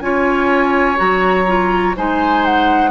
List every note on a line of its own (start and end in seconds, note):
0.00 0.97 C#4
0.00 0.96 F4
0.00 1.97 C#5
0.00 0.97 G#5
0.96 1.97 F#3
0.96 1.44 F#4
0.96 1.95 A#5
1.47 1.95 F4
1.97 2.91 G#3
1.97 2.91 D#4
1.97 2.91 C5
1.97 2.45 G#5
2.45 2.91 F#5